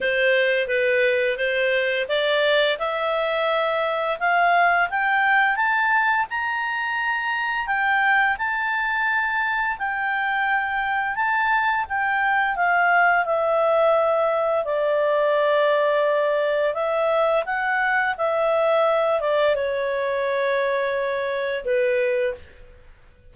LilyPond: \new Staff \with { instrumentName = "clarinet" } { \time 4/4 \tempo 4 = 86 c''4 b'4 c''4 d''4 | e''2 f''4 g''4 | a''4 ais''2 g''4 | a''2 g''2 |
a''4 g''4 f''4 e''4~ | e''4 d''2. | e''4 fis''4 e''4. d''8 | cis''2. b'4 | }